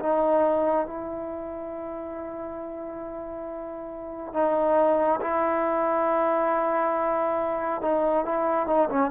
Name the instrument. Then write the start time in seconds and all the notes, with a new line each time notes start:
trombone
0.00 D#4
0.87 E4
4.34 D#4
5.21 E4
7.82 D#4
8.26 E4
8.67 D#4
8.89 C#4